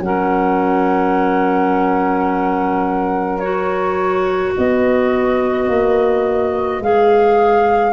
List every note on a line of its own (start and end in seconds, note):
0.00 4.53 F#3
0.00 3.42 C#4
0.00 4.57 A#4
0.00 3.39 F#5
3.39 6.82 F#4
3.39 4.53 C#5
4.57 5.68 B3
4.57 7.93 B4
4.57 6.83 D#5
5.68 6.80 A#3
6.80 7.93 G#3
6.80 7.93 G#4
6.80 7.93 F5